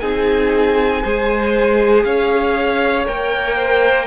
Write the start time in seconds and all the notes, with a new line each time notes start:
0.00 C4 D#4 G#4 G#5
1.03 G#3 G#4 C5
2.04 C#4 C#5 F5
3.06 A#3 A#4 G5
3.56 C5